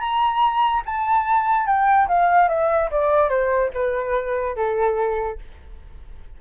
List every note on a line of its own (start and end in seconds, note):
0.00 0.83 A#5
0.86 1.66 A5
1.66 2.08 G5
2.08 2.49 F5
2.49 2.90 E5
2.91 3.30 D5
3.30 3.71 C5
3.74 4.56 B4
4.56 5.39 A4